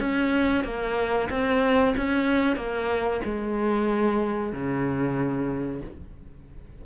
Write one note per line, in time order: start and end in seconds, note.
0.00 0.65 C#4
0.65 1.29 A#3
1.30 1.95 C4
1.97 2.57 C#4
2.57 3.21 A#3
3.25 4.53 G#3
4.53 5.82 C#3